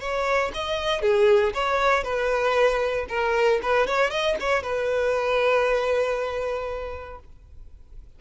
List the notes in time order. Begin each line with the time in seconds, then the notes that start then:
0.00 C#5
0.54 D#5
1.02 G#4
1.54 C#5
2.04 B4
3.09 A#4
3.62 B4
3.87 C#5
4.10 D#5
4.40 C#5
4.63 B4